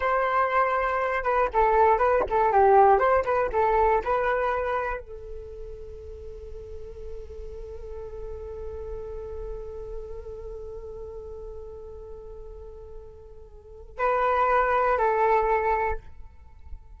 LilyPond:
\new Staff \with { instrumentName = "flute" } { \time 4/4 \tempo 4 = 120 c''2~ c''8 b'8 a'4 | b'8 a'8 g'4 c''8 b'8 a'4 | b'2 a'2~ | a'1~ |
a'1~ | a'1~ | a'1 | b'2 a'2 | }